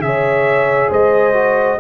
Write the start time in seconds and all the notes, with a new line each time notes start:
0.00 C#3 G#4 E5
0.06 C#5
0.91 G#3 C5 D#5
1.34 F#4